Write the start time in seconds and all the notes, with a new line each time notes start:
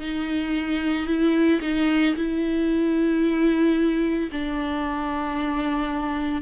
0.00 D#4
1.07 E4
1.62 D#4
2.16 E4
4.32 D4